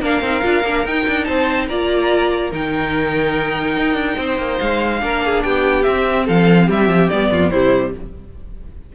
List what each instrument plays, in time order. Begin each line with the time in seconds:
0.00 cello A#3, viola D4, violin A#4 F5
0.21 cello C4, viola D#4
0.42 cello D4, viola F4
0.63 cello A#3, viola D4
0.85 cello D#4, viola D#4, violin G5
1.07 cello D4
1.24 cello C4, violin C5 A5
1.67 cello A#3, viola F4, violin D5 A#5
2.51 cello D#3, viola D#4, violin A#4 G5
3.76 cello D#4
3.93 cello D4
4.17 cello C4, violin C5
4.37 cello A#3
4.59 cello G#3, violin F5
5.00 cello A#3, viola D4, violin A#4
5.24 violin G#4
5.42 cello B3, violin G4 G5
5.83 cello C4, viola C4, violin E5
6.25 cello F3, violin A4 F5
6.66 cello G3, violin G4 E5
6.88 cello F3
7.08 cello G3, viola B3, violin D5
7.30 cello F2, violin F4
7.50 cello C3, viola G3, violin E4 C5